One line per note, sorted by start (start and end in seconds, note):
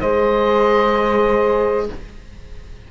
0.00 1.89 G#3
0.00 1.91 G#4
0.00 1.88 C5
0.00 1.88 D#5